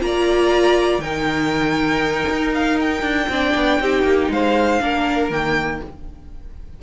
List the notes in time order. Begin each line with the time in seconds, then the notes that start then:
0.00 A#3 F4 A#5
0.06 D5
0.99 D#3 D#4 A#4 G5
2.30 D#4
2.55 F5
2.81 G5
3.02 D4
3.29 C4 D4 D5
3.55 B3
3.81 C4 D#4 G4
4.03 A#3
4.30 G#3 C5 F5
4.81 A#3 D4 A#4
5.30 D#3 A#3 G5